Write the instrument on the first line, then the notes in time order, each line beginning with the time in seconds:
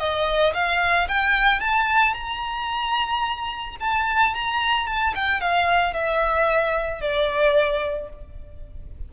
violin
0.00 D#5
0.54 F5
1.09 G5
1.60 A5
2.14 A#5
3.81 A5
4.35 A#5
4.87 A5
5.15 G5
5.41 F5
5.94 E5
7.01 D5